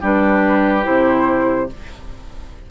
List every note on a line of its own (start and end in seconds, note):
0.00 0.85 G3
0.00 0.83 D4
0.00 1.67 G4
0.00 0.85 B4
0.83 1.70 C3
0.83 1.66 E4
0.83 1.69 C5